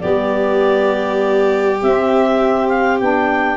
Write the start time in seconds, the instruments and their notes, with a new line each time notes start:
0.00 tuba G3, saxophone B3, violin G4, clarinet D5
1.82 tuba C4, saxophone C4, clarinet E5
2.69 clarinet F5
2.99 tuba B3, saxophone D4, clarinet G5